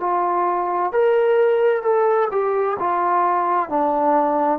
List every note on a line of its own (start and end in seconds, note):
0.00 0.92 F4
0.92 1.83 A#4
1.83 2.29 A4
2.31 2.77 G4
2.79 3.69 F4
3.69 4.59 D4